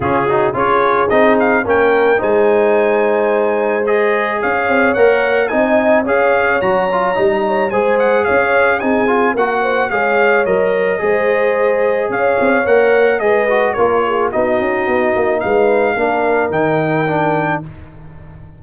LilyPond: <<
  \new Staff \with { instrumentName = "trumpet" } { \time 4/4 \tempo 4 = 109 gis'4 cis''4 dis''8 f''8 g''4 | gis''2. dis''4 | f''4 fis''4 gis''4 f''4 | ais''2 gis''8 fis''8 f''4 |
gis''4 fis''4 f''4 dis''4~ | dis''2 f''4 fis''4 | dis''4 cis''4 dis''2 | f''2 g''2 | }
  \new Staff \with { instrumentName = "horn" } { \time 4/4 f'8 fis'8 gis'2 ais'4 | c''1 | cis''2 dis''4 cis''4~ | cis''4~ cis''16 dis''16 cis''8 c''4 cis''4 |
gis'4 ais'8 c''8 cis''2 | c''2 cis''2 | b'4 ais'8 gis'8 fis'2 | b'4 ais'2. | }
  \new Staff \with { instrumentName = "trombone" } { \time 4/4 cis'8 dis'8 f'4 dis'4 cis'4 | dis'2. gis'4~ | gis'4 ais'4 dis'4 gis'4 | fis'8 f'8 dis'4 gis'2 |
dis'8 f'8 fis'4 gis'4 ais'4 | gis'2. ais'4 | gis'8 fis'8 f'4 dis'2~ | dis'4 d'4 dis'4 d'4 | }
  \new Staff \with { instrumentName = "tuba" } { \time 4/4 cis4 cis'4 c'4 ais4 | gis1 | cis'8 c'8 ais4 c'4 cis'4 | fis4 g4 gis4 cis'4 |
c'4 ais4 gis4 fis4 | gis2 cis'8 c'8 ais4 | gis4 ais4 b8 cis'8 b8 ais8 | gis4 ais4 dis2 | }
>>